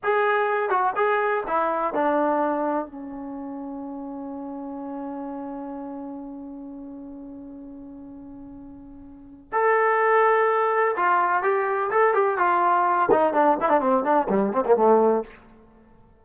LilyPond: \new Staff \with { instrumentName = "trombone" } { \time 4/4 \tempo 4 = 126 gis'4. fis'8 gis'4 e'4 | d'2 cis'2~ | cis'1~ | cis'1~ |
cis'1 | a'2. f'4 | g'4 a'8 g'8 f'4. dis'8 | d'8 e'16 d'16 c'8 d'8 g8 c'16 ais16 a4 | }